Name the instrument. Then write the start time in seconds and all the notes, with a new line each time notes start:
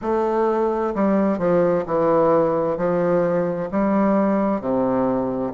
bassoon
0.01 A3
0.94 G3
1.38 F3
1.85 E3
2.77 F3
3.71 G3
4.60 C3